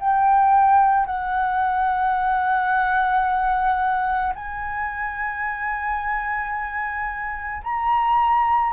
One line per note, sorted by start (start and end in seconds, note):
0.00 1.06 G5
1.06 4.33 F#5
4.35 7.63 G#5
7.64 8.73 A#5